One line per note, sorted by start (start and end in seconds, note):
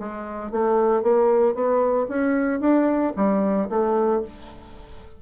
0.00 0.52 G#3
0.52 1.03 A3
1.03 1.55 A#3
1.55 2.08 B3
2.09 2.61 C#4
2.61 3.13 D4
3.17 3.69 G3
3.70 4.22 A3